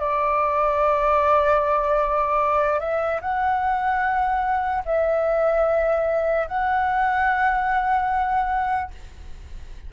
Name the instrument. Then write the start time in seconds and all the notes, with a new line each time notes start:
flute
0.00 D5
2.80 E5
3.22 F#5
4.86 E5
6.48 F#5